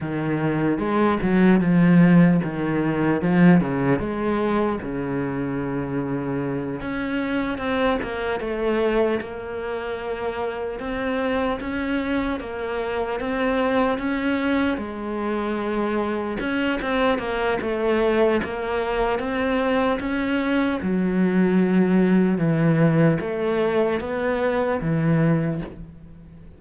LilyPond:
\new Staff \with { instrumentName = "cello" } { \time 4/4 \tempo 4 = 75 dis4 gis8 fis8 f4 dis4 | f8 cis8 gis4 cis2~ | cis8 cis'4 c'8 ais8 a4 ais8~ | ais4. c'4 cis'4 ais8~ |
ais8 c'4 cis'4 gis4.~ | gis8 cis'8 c'8 ais8 a4 ais4 | c'4 cis'4 fis2 | e4 a4 b4 e4 | }